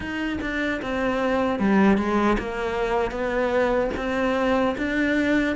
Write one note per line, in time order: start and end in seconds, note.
0.00 0.38 D#4
0.41 0.80 D4
0.81 1.59 C4
1.59 1.97 G3
1.97 2.37 G#3
2.38 3.11 A#3
3.11 3.90 B3
3.97 4.75 C4
4.77 5.56 D4